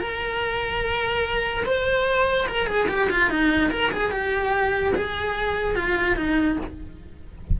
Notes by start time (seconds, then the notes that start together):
0.00 A#4
1.66 C5
2.48 A#4
2.67 G#4
2.88 G4
3.10 F4
3.30 D#4
3.71 A#4
3.92 G#4
4.11 G4
4.95 G#4
5.76 F4
6.16 D#4